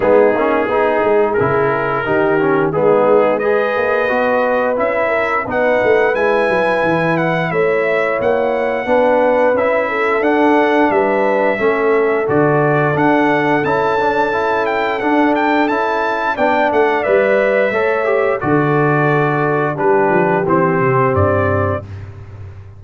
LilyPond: <<
  \new Staff \with { instrumentName = "trumpet" } { \time 4/4 \tempo 4 = 88 gis'2 ais'2 | gis'4 dis''2 e''4 | fis''4 gis''4. fis''8 e''4 | fis''2 e''4 fis''4 |
e''2 d''4 fis''4 | a''4. g''8 fis''8 g''8 a''4 | g''8 fis''8 e''2 d''4~ | d''4 b'4 c''4 d''4 | }
  \new Staff \with { instrumentName = "horn" } { \time 4/4 dis'4 gis'2 g'4 | dis'4 b'2~ b'8 ais'8 | b'2. cis''4~ | cis''4 b'4. a'4. |
b'4 a'2.~ | a'1 | d''2 cis''4 a'4~ | a'4 g'2. | }
  \new Staff \with { instrumentName = "trombone" } { \time 4/4 b8 cis'8 dis'4 e'4 dis'8 cis'8 | b4 gis'4 fis'4 e'4 | dis'4 e'2.~ | e'4 d'4 e'4 d'4~ |
d'4 cis'4 fis'4 d'4 | e'8 d'8 e'4 d'4 e'4 | d'4 b'4 a'8 g'8 fis'4~ | fis'4 d'4 c'2 | }
  \new Staff \with { instrumentName = "tuba" } { \time 4/4 gis8 ais8 b8 gis8 cis4 dis4 | gis4. ais8 b4 cis'4 | b8 a8 gis8 fis8 e4 a4 | ais4 b4 cis'4 d'4 |
g4 a4 d4 d'4 | cis'2 d'4 cis'4 | b8 a8 g4 a4 d4~ | d4 g8 f8 e8 c8 g,4 | }
>>